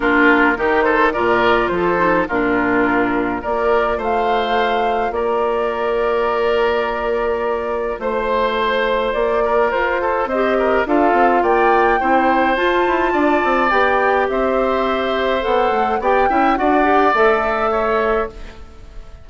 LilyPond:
<<
  \new Staff \with { instrumentName = "flute" } { \time 4/4 \tempo 4 = 105 ais'4. c''8 d''4 c''4 | ais'2 d''4 f''4~ | f''4 d''2.~ | d''2 c''2 |
d''4 c''4 dis''4 f''4 | g''2 a''2 | g''4 e''2 fis''4 | g''4 fis''4 e''2 | }
  \new Staff \with { instrumentName = "oboe" } { \time 4/4 f'4 g'8 a'8 ais'4 a'4 | f'2 ais'4 c''4~ | c''4 ais'2.~ | ais'2 c''2~ |
c''8 ais'4 a'8 c''8 ais'8 a'4 | d''4 c''2 d''4~ | d''4 c''2. | d''8 e''8 d''2 cis''4 | }
  \new Staff \with { instrumentName = "clarinet" } { \time 4/4 d'4 dis'4 f'4. dis'8 | d'2 f'2~ | f'1~ | f'1~ |
f'2 g'4 f'4~ | f'4 e'4 f'2 | g'2. a'4 | g'8 e'8 fis'8 g'8 a'2 | }
  \new Staff \with { instrumentName = "bassoon" } { \time 4/4 ais4 dis4 ais,4 f4 | ais,2 ais4 a4~ | a4 ais2.~ | ais2 a2 |
ais4 f'4 c'4 d'8 c'8 | ais4 c'4 f'8 e'8 d'8 c'8 | b4 c'2 b8 a8 | b8 cis'8 d'4 a2 | }
>>